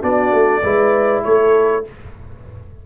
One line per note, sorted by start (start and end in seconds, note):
0.00 0.32 B3
0.00 0.61 D4
0.00 0.61 F#4
0.00 1.23 D5
0.32 0.62 A3
0.62 1.23 G#3
0.62 1.84 E4
0.62 1.23 B4
1.23 1.86 A3
1.23 1.84 A4
1.23 1.84 C#5